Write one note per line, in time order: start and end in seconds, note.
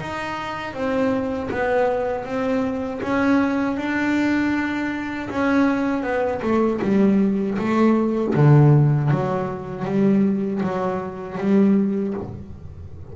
0.00 0.74 D#4
0.74 1.50 C4
1.51 2.25 B3
2.25 3.01 C4
3.02 3.77 C#4
3.77 5.29 D4
5.30 6.03 C#4
6.03 6.41 B3
6.42 6.80 A3
6.82 7.58 G3
7.58 8.34 A3
8.35 9.11 D3
9.11 9.85 F#3
9.85 10.61 G3
10.63 11.38 F#3
11.38 12.14 G3